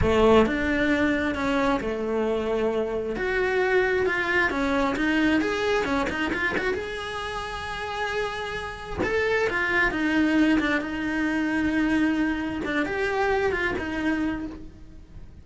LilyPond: \new Staff \with { instrumentName = "cello" } { \time 4/4 \tempo 4 = 133 a4 d'2 cis'4 | a2. fis'4~ | fis'4 f'4 cis'4 dis'4 | gis'4 cis'8 dis'8 f'8 fis'8 gis'4~ |
gis'1 | a'4 f'4 dis'4. d'8 | dis'1 | d'8 g'4. f'8 dis'4. | }